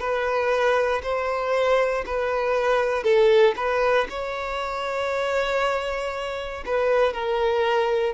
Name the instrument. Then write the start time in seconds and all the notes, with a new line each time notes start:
violin
0.00 B4
1.03 C5
2.06 B4
3.04 A4
3.56 B4
4.10 C#5
6.66 B4
7.13 A#4